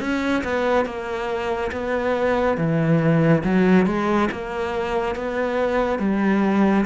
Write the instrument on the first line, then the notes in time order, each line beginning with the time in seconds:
cello
0.00 C#4
0.44 B3
0.85 A#3
1.71 B3
2.57 E3
3.44 F#3
3.86 G#3
4.31 A#3
5.15 B3
5.99 G3